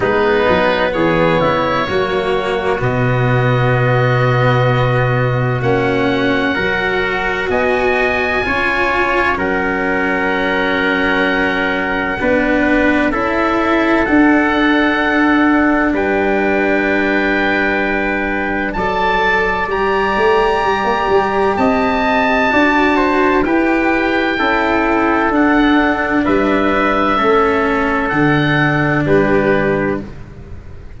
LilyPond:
<<
  \new Staff \with { instrumentName = "oboe" } { \time 4/4 \tempo 4 = 64 b'4 cis''2 dis''4~ | dis''2 fis''2 | gis''2 fis''2~ | fis''2 e''4 fis''4~ |
fis''4 g''2. | a''4 ais''2 a''4~ | a''4 g''2 fis''4 | e''2 fis''4 b'4 | }
  \new Staff \with { instrumentName = "trumpet" } { \time 4/4 dis'4 gis'8 e'8 fis'2~ | fis'2. ais'4 | dis''4 cis''4 ais'2~ | ais'4 b'4 a'2~ |
a'4 b'2. | d''2. dis''4 | d''8 c''8 b'4 a'2 | b'4 a'2 g'4 | }
  \new Staff \with { instrumentName = "cello" } { \time 4/4 b2 ais4 b4~ | b2 cis'4 fis'4~ | fis'4 f'4 cis'2~ | cis'4 d'4 e'4 d'4~ |
d'1 | a'4 g'2. | fis'4 g'4 e'4 d'4~ | d'4 cis'4 d'2 | }
  \new Staff \with { instrumentName = "tuba" } { \time 4/4 gis8 fis8 e8 cis8 fis4 b,4~ | b,2 ais4 fis4 | b4 cis'4 fis2~ | fis4 b4 cis'4 d'4~ |
d'4 g2. | fis4 g8 a8 g16 ais16 g8 c'4 | d'4 e'4 cis'4 d'4 | g4 a4 d4 g4 | }
>>